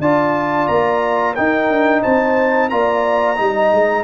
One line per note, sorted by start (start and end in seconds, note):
0.00 0.67 D4
0.00 1.37 F4
0.00 1.34 D5
0.00 0.68 A5
0.68 1.36 A#3
0.68 1.35 A#5
1.34 2.71 D#4
1.34 1.70 D#4
1.34 2.02 A#4
1.34 2.03 G5
1.70 2.04 D4
2.03 2.72 C4
2.03 2.70 C5
2.03 2.70 A5
2.70 3.40 A#3
2.70 3.37 F4
2.70 3.40 D5
2.70 4.04 A#5
3.37 3.73 G3
3.37 4.04 D#4
3.37 4.04 D#5
3.73 4.04 G#3